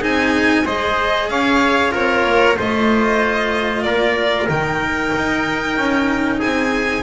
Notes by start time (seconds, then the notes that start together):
0.00 C4 D#4 G#4 G#5
0.66 G#3 G#4 C5 D#5
1.30 C#4 C#5 F5
1.92 C4 F4 A#4 C#5
2.26 A#3
2.57 A3 F4 C5 D#5
3.83 A#3 A#4 D5
4.49 D#3 D#4 G5
5.16 D#4
5.78 C#4
6.39 C4 G#4 G#5